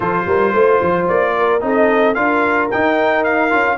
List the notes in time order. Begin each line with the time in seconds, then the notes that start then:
0.00 F3 F4 A4 C5
0.26 G3 A#4
0.52 A3 C5
0.82 F3
1.08 A#3 D5
1.38 A#4
1.60 C4 D#4 A4
1.67 D#5
2.14 D4 F4 A#4 F5
2.70 D#4 G5
3.24 F5
3.49 C#4 F4